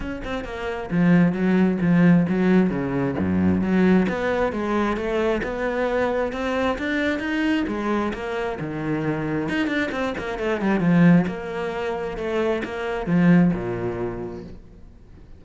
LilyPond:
\new Staff \with { instrumentName = "cello" } { \time 4/4 \tempo 4 = 133 cis'8 c'8 ais4 f4 fis4 | f4 fis4 cis4 fis,4 | fis4 b4 gis4 a4 | b2 c'4 d'4 |
dis'4 gis4 ais4 dis4~ | dis4 dis'8 d'8 c'8 ais8 a8 g8 | f4 ais2 a4 | ais4 f4 ais,2 | }